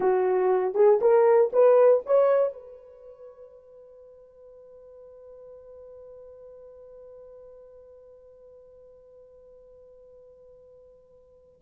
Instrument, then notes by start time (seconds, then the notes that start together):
horn
0.00 F#4
0.74 G#4
1.01 A#4
1.52 B4
2.06 C#5
2.52 B4